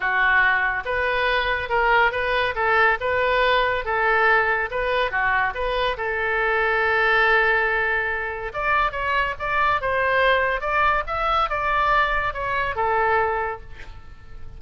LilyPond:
\new Staff \with { instrumentName = "oboe" } { \time 4/4 \tempo 4 = 141 fis'2 b'2 | ais'4 b'4 a'4 b'4~ | b'4 a'2 b'4 | fis'4 b'4 a'2~ |
a'1 | d''4 cis''4 d''4 c''4~ | c''4 d''4 e''4 d''4~ | d''4 cis''4 a'2 | }